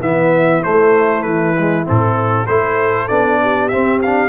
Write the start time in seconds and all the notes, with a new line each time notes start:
0.00 E3 B3 E4 E5
0.63 A3 C5
1.23 E3 B4
1.59 G#3
1.85 A2 C4 A4
2.47 A3 E4 A4 C5
3.08 B3 D4 D5
3.42 G4
3.69 C4 E5
4.02 D4 F5